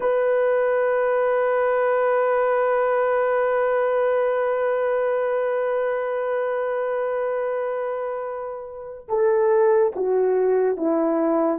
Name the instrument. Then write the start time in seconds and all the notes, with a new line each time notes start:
horn
0.00 B4
9.08 A4
9.95 F#4
10.77 E4